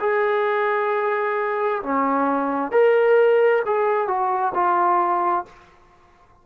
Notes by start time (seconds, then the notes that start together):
0.00 G#4
1.83 C#4
2.71 A#4
3.66 G#4
4.07 F#4
4.55 F4